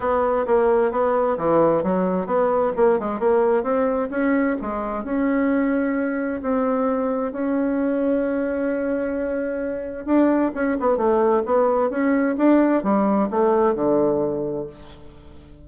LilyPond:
\new Staff \with { instrumentName = "bassoon" } { \time 4/4 \tempo 4 = 131 b4 ais4 b4 e4 | fis4 b4 ais8 gis8 ais4 | c'4 cis'4 gis4 cis'4~ | cis'2 c'2 |
cis'1~ | cis'2 d'4 cis'8 b8 | a4 b4 cis'4 d'4 | g4 a4 d2 | }